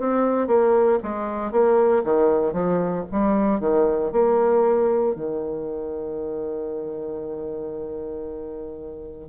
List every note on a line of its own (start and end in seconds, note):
0.00 0.47 C4
0.47 0.99 A#3
1.03 1.52 G#3
1.52 2.04 A#3
2.05 2.53 D#3
2.53 3.05 F3
3.12 3.60 G3
3.60 4.12 D#3
4.12 5.15 A#3
5.15 9.29 D#3